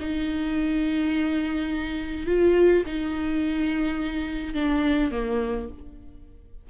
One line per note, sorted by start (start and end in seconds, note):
0.00 2.26 D#4
2.26 2.84 F4
2.86 4.54 D#4
4.54 5.11 D4
5.11 5.68 A#3